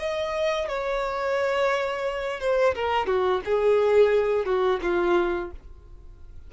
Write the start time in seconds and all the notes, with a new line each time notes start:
0.00 D#5
0.69 C#5
2.41 C5
2.75 A#4
3.07 F#4
3.45 G#4
4.46 F#4
4.82 F4